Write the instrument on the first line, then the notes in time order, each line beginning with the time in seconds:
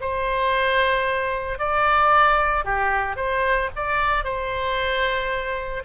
oboe
0.00 C5
1.58 D5
2.64 G4
3.16 C5
3.76 D5
4.24 C5